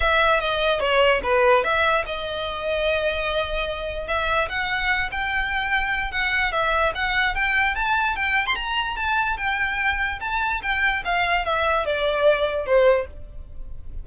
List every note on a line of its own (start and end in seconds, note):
0.00 0.40 E5
0.40 0.80 D#5
0.80 1.21 C#5
1.23 1.63 B4
1.63 2.04 E5
2.05 4.07 D#5
4.07 4.48 E5
4.48 5.09 F#5
5.11 6.11 G5
6.11 6.52 F#5
6.52 6.92 E5
6.94 7.35 F#5
7.35 7.75 G5
7.75 8.16 A5
8.16 8.46 G5
8.46 8.55 C6
8.55 8.96 A#5
8.96 9.37 A5
9.37 10.19 G5
10.20 10.61 A5
10.62 11.03 G5
11.05 11.45 F5
11.45 11.85 E5
11.85 12.66 D5
12.66 13.06 C5